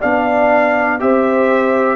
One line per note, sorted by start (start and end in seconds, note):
0.00 1.01 B3
0.00 1.00 D4
0.00 0.98 D5
0.00 1.00 F5
1.00 1.96 C4
1.00 1.96 G4
1.00 1.96 C5
1.00 1.96 E5